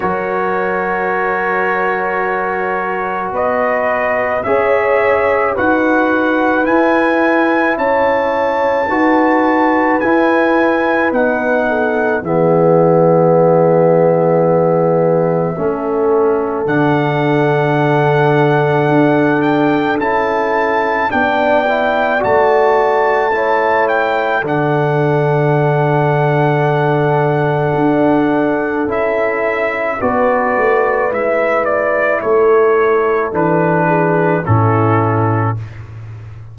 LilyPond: <<
  \new Staff \with { instrumentName = "trumpet" } { \time 4/4 \tempo 4 = 54 cis''2. dis''4 | e''4 fis''4 gis''4 a''4~ | a''4 gis''4 fis''4 e''4~ | e''2. fis''4~ |
fis''4. g''8 a''4 g''4 | a''4. g''8 fis''2~ | fis''2 e''4 d''4 | e''8 d''8 cis''4 b'4 a'4 | }
  \new Staff \with { instrumentName = "horn" } { \time 4/4 ais'2. b'4 | cis''4 b'2 cis''4 | b'2~ b'8 a'8 gis'4~ | gis'2 a'2~ |
a'2. d''4~ | d''4 cis''4 a'2~ | a'2. b'4~ | b'4 a'4. gis'8 e'4 | }
  \new Staff \with { instrumentName = "trombone" } { \time 4/4 fis'1 | gis'4 fis'4 e'2 | fis'4 e'4 dis'4 b4~ | b2 cis'4 d'4~ |
d'2 e'4 d'8 e'8 | fis'4 e'4 d'2~ | d'2 e'4 fis'4 | e'2 d'4 cis'4 | }
  \new Staff \with { instrumentName = "tuba" } { \time 4/4 fis2. b4 | cis'4 dis'4 e'4 cis'4 | dis'4 e'4 b4 e4~ | e2 a4 d4~ |
d4 d'4 cis'4 b4 | a2 d2~ | d4 d'4 cis'4 b8 a8 | gis4 a4 e4 a,4 | }
>>